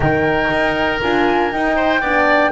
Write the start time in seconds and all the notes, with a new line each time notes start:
0.00 D#3 D#4 A#4 G5
0.50 D#4
1.01 D4 F4 G#5
1.51 D#4 G5
1.76 C5
2.00 B3 D4 D5